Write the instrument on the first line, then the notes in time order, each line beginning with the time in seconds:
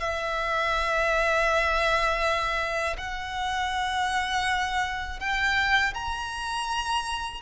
violin
0.00 E5
2.98 F#5
5.20 G5
5.94 A#5